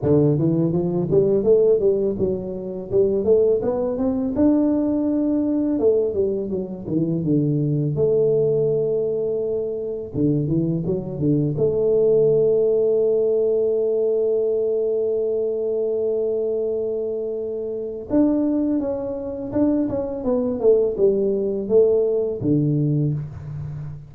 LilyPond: \new Staff \with { instrumentName = "tuba" } { \time 4/4 \tempo 4 = 83 d8 e8 f8 g8 a8 g8 fis4 | g8 a8 b8 c'8 d'2 | a8 g8 fis8 e8 d4 a4~ | a2 d8 e8 fis8 d8 |
a1~ | a1~ | a4 d'4 cis'4 d'8 cis'8 | b8 a8 g4 a4 d4 | }